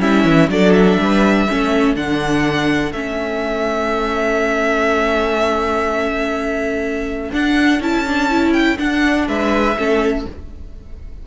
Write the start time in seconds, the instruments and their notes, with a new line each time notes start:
0.00 cello G3, viola C#4, violin E4 E5
0.25 cello E3
0.49 cello F#3, viola D4, violin A4 D5
0.73 violin E5
0.98 cello G3, violin B4
1.49 cello A3, viola C#4, violin A4
1.96 cello D3, viola D4, violin F#5
2.92 cello A3, viola C#4, violin E5
7.33 cello D4, viola D4, violin F#5
7.80 cello C#4, viola E4, violin A5
8.07 viola D4
8.30 viola E4
8.53 violin G5
8.77 viola D4, cello D4, violin F#5
9.28 cello G#3, violin B4 E5
9.77 cello A3, viola C#4, violin A4